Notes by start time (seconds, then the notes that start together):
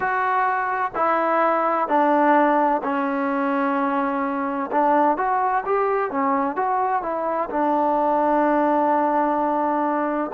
0.00 F#4
0.95 E4
1.87 D4
2.83 C#4
4.71 D4
5.16 F#4
5.65 G4
6.10 C#4
6.56 F#4
7.02 E4
7.50 D4